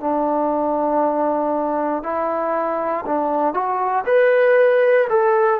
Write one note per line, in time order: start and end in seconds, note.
0.00 2.03 D4
2.03 3.05 E4
3.06 3.54 D4
3.54 4.04 F#4
4.06 5.08 B4
5.09 5.60 A4